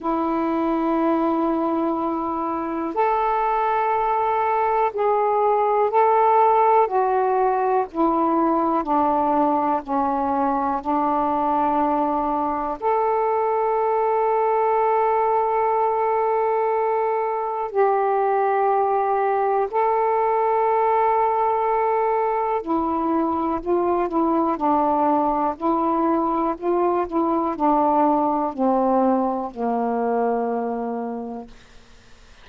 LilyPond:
\new Staff \with { instrumentName = "saxophone" } { \time 4/4 \tempo 4 = 61 e'2. a'4~ | a'4 gis'4 a'4 fis'4 | e'4 d'4 cis'4 d'4~ | d'4 a'2.~ |
a'2 g'2 | a'2. e'4 | f'8 e'8 d'4 e'4 f'8 e'8 | d'4 c'4 ais2 | }